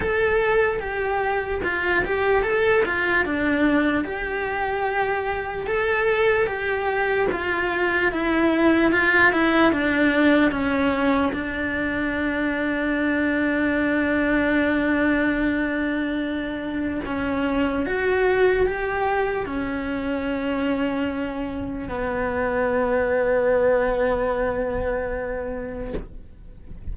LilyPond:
\new Staff \with { instrumentName = "cello" } { \time 4/4 \tempo 4 = 74 a'4 g'4 f'8 g'8 a'8 f'8 | d'4 g'2 a'4 | g'4 f'4 e'4 f'8 e'8 | d'4 cis'4 d'2~ |
d'1~ | d'4 cis'4 fis'4 g'4 | cis'2. b4~ | b1 | }